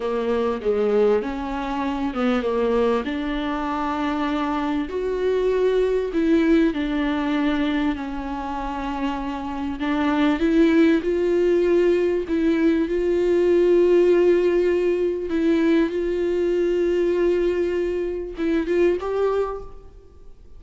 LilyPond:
\new Staff \with { instrumentName = "viola" } { \time 4/4 \tempo 4 = 98 ais4 gis4 cis'4. b8 | ais4 d'2. | fis'2 e'4 d'4~ | d'4 cis'2. |
d'4 e'4 f'2 | e'4 f'2.~ | f'4 e'4 f'2~ | f'2 e'8 f'8 g'4 | }